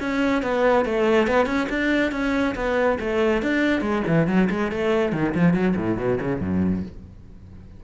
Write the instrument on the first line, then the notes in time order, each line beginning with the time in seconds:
cello
0.00 C#4
0.43 B3
0.85 A3
1.27 B3
1.46 C#4
1.69 D4
2.12 C#4
2.55 B3
3.00 A3
3.42 D4
3.81 G#3
4.07 E3
4.27 F#3
4.50 G#3
4.72 A3
5.13 D#3
5.35 F3
5.54 F#3
5.76 A2
5.97 B2
6.21 C#3
6.41 F#2